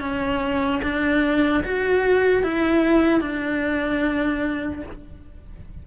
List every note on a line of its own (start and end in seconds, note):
0.00 0.81 C#4
0.82 1.63 D4
1.64 2.43 F#4
2.43 3.20 E4
3.20 4.82 D4